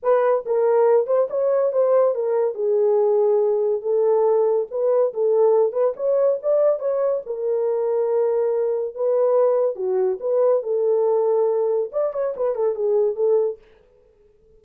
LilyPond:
\new Staff \with { instrumentName = "horn" } { \time 4/4 \tempo 4 = 141 b'4 ais'4. c''8 cis''4 | c''4 ais'4 gis'2~ | gis'4 a'2 b'4 | a'4. b'8 cis''4 d''4 |
cis''4 ais'2.~ | ais'4 b'2 fis'4 | b'4 a'2. | d''8 cis''8 b'8 a'8 gis'4 a'4 | }